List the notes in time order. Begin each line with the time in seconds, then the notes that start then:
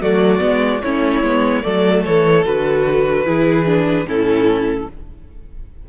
0.00 F#3 A3 F#4 D5
0.39 G#3 B3
0.82 A3 C#4 E4 C#5
1.22 G#3 B3
1.62 F#3 A3 A4 D5
2.05 E3 C#5
2.46 D3 F#4 B4
3.26 E3 E4 G#4
3.66 D4
4.05 A2 C#4 E4 A4